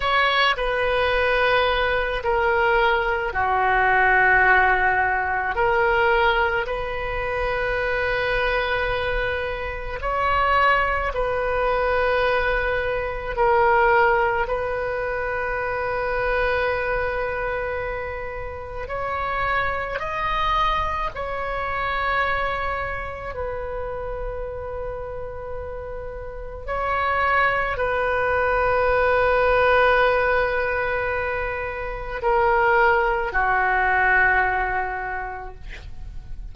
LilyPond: \new Staff \with { instrumentName = "oboe" } { \time 4/4 \tempo 4 = 54 cis''8 b'4. ais'4 fis'4~ | fis'4 ais'4 b'2~ | b'4 cis''4 b'2 | ais'4 b'2.~ |
b'4 cis''4 dis''4 cis''4~ | cis''4 b'2. | cis''4 b'2.~ | b'4 ais'4 fis'2 | }